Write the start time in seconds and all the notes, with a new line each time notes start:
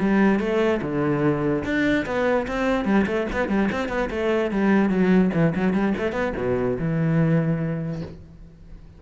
0.00 G3
0.39 A3
0.82 D3
1.64 D4
2.06 B3
2.47 C4
2.85 G3
3.07 A3
3.33 B3
3.49 G3
3.72 C4
3.89 B3
4.11 A3
4.51 G3
4.90 F#3
5.33 E3
5.56 F#3
5.73 G3
5.98 A3
6.13 B3
6.37 B2
6.79 E3